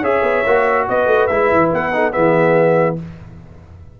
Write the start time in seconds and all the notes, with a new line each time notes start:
0.00 C#4 G#4 C#5 E5
0.22 B3
0.46 A#3 F#4
0.88 B3 B4 D#5
1.06 A3
1.27 G#3 E4 E5
1.51 E3
1.73 B3 F#5
1.93 D#4 A4
2.12 E3 B3 G#4 E5